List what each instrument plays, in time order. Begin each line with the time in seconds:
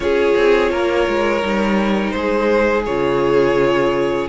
0.00 cello C#4, viola F4, violin G#4 C#5
0.36 cello C4
0.71 cello A#3, violin A#4
1.07 cello G#3
1.41 cello G3, viola D#4
2.11 cello G#3, violin G#4 C5
2.85 cello C#3, viola F4, violin C#5